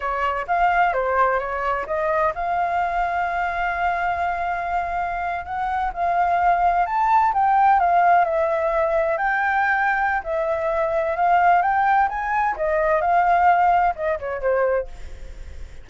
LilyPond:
\new Staff \with { instrumentName = "flute" } { \time 4/4 \tempo 4 = 129 cis''4 f''4 c''4 cis''4 | dis''4 f''2.~ | f''2.~ f''8. fis''16~ | fis''8. f''2 a''4 g''16~ |
g''8. f''4 e''2 g''16~ | g''2 e''2 | f''4 g''4 gis''4 dis''4 | f''2 dis''8 cis''8 c''4 | }